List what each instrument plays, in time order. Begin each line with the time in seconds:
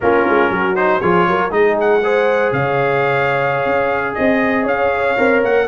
0.00 tuba A#3, trombone C#4, horn F4, trumpet A#4
0.28 tuba G#3
0.50 tuba F#3, horn F#4
0.75 trombone D#4, trumpet C5
1.00 tuba F3, trombone F4, horn G#4, trumpet C#5
1.28 tuba F#3, horn A#4
1.50 tuba G#3, trombone D#4, horn G#4, trumpet D#5
1.80 trumpet F#5
2.03 trombone G#4, horn C5
2.52 tuba C#3, horn C#5, trumpet F5
3.65 tuba C#4
4.14 tuba C4, trumpet D#5, horn D#5
4.63 tuba C#4, horn C#5, trumpet F5
5.17 tuba C4, trombone A#4
5.42 tuba A#3, trumpet F#5